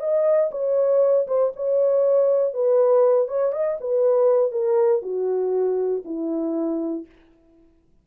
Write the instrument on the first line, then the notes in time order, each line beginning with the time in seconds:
horn
0.00 D#5
0.51 C#5
1.27 C5
1.56 C#5
2.54 B4
3.28 C#5
3.53 D#5
3.80 B4
4.52 A#4
5.02 F#4
6.05 E4